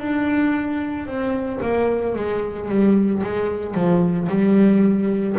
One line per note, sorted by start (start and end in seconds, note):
0.00 1.06 D4
1.06 1.60 C4
1.62 2.15 A#3
2.15 2.69 G#3
2.69 3.22 G3
3.23 3.75 G#3
3.75 4.28 F3
4.29 5.36 G3